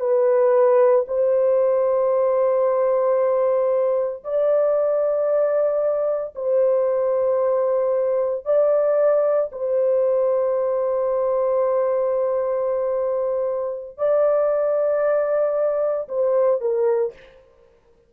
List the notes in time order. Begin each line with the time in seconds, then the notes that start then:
0.00 B4
1.08 C5
4.24 D5
6.35 C5
8.45 D5
9.52 C5
13.98 D5
16.09 C5
16.61 A#4